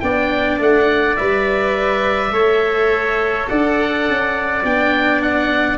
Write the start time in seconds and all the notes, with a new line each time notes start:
0.00 B3 D4 D5 G5
0.59 A3 F#5
1.16 G3 B4 E5
2.31 A3 A4 C#5
3.48 D4 D5 F#5
4.08 C#4
4.63 B3 D4 G5
5.22 F#5